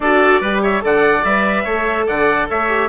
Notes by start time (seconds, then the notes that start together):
0.00 D4 F#4 A4 D5
0.40 G3 G4 B4
0.62 C#5 E5
0.81 D3 A4 D5 F#5
1.24 G3 B4 E5
1.64 A3 A4 C#5
2.06 D3 D5 F#5
2.49 A3 C#5 E5
2.68 G4